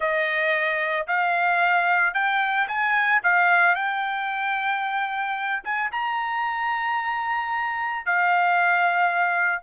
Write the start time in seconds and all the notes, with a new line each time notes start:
0.00 D#5
1.07 F5
2.14 G5
2.68 G#5
3.23 F5
3.75 G5
5.64 G#5
5.91 A#5
8.05 F5